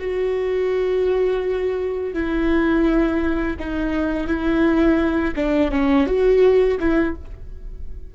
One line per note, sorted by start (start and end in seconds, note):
0.00 2.14 F#4
2.14 3.57 E4
3.60 4.28 D#4
4.28 5.35 E4
5.36 5.72 D4
5.72 6.07 C#4
6.07 6.79 F#4
6.80 7.16 E4